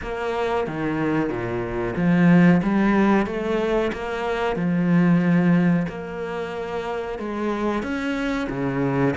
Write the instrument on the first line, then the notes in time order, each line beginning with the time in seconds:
cello
0.01 A#3
0.67 D#3
1.29 A#2
1.96 F3
2.62 G3
3.26 A3
3.92 A#3
4.55 F3
5.88 A#3
7.19 G#3
7.82 C#4
8.49 C#3